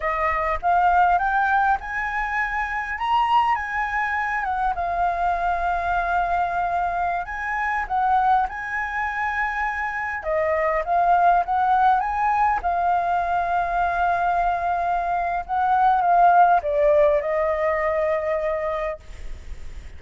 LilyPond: \new Staff \with { instrumentName = "flute" } { \time 4/4 \tempo 4 = 101 dis''4 f''4 g''4 gis''4~ | gis''4 ais''4 gis''4. fis''8 | f''1~ | f''16 gis''4 fis''4 gis''4.~ gis''16~ |
gis''4~ gis''16 dis''4 f''4 fis''8.~ | fis''16 gis''4 f''2~ f''8.~ | f''2 fis''4 f''4 | d''4 dis''2. | }